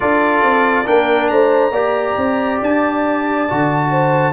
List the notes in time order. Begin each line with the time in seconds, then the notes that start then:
0.00 D4 F4 A4 D5
0.42 C4
0.85 A#3 D4 A#4 G5
1.28 A3 C5 A#5
1.71 A#3 G4 D5
2.17 C4
2.62 D4 A5
3.48 D3 F#4
3.90 C5